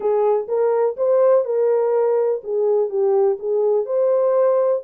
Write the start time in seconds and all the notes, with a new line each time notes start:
0.00 G#4
0.48 A#4
0.97 C5
1.44 A#4
2.43 G#4
2.89 G4
3.39 G#4
3.85 C5